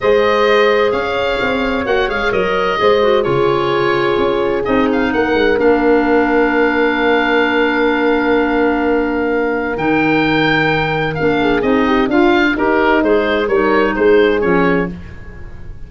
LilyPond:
<<
  \new Staff \with { instrumentName = "oboe" } { \time 4/4 \tempo 4 = 129 dis''2 f''2 | fis''8 f''8 dis''2 cis''4~ | cis''2 dis''8 f''8 fis''4 | f''1~ |
f''1~ | f''4 g''2. | f''4 dis''4 f''4 ais'4 | c''4 cis''4 c''4 cis''4 | }
  \new Staff \with { instrumentName = "horn" } { \time 4/4 c''2 cis''2~ | cis''2 c''4 gis'4~ | gis'2. ais'4~ | ais'1~ |
ais'1~ | ais'1~ | ais'8 gis'4 g'8 f'4 dis'4~ | dis'4 ais'4 gis'2 | }
  \new Staff \with { instrumentName = "clarinet" } { \time 4/4 gis'1 | fis'8 gis'8 ais'4 gis'8 fis'8 f'4~ | f'2 dis'2 | d'1~ |
d'1~ | d'4 dis'2. | d'4 dis'4 f'4 g'4 | gis'4 dis'2 cis'4 | }
  \new Staff \with { instrumentName = "tuba" } { \time 4/4 gis2 cis'4 c'4 | ais8 gis8 fis4 gis4 cis4~ | cis4 cis'4 c'4 ais8 gis8 | ais1~ |
ais1~ | ais4 dis2. | ais4 c'4 d'4 dis'4 | gis4 g4 gis4 f4 | }
>>